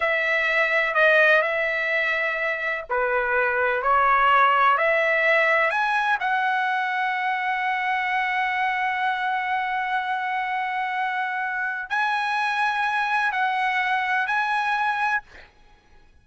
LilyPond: \new Staff \with { instrumentName = "trumpet" } { \time 4/4 \tempo 4 = 126 e''2 dis''4 e''4~ | e''2 b'2 | cis''2 e''2 | gis''4 fis''2.~ |
fis''1~ | fis''1~ | fis''4 gis''2. | fis''2 gis''2 | }